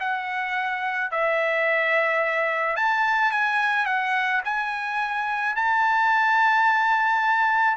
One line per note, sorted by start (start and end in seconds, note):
0.00 1.11 F#5
1.11 2.77 E5
2.77 3.32 A5
3.32 3.86 G#5
3.86 4.42 F#5
4.45 5.56 G#5
5.56 7.77 A5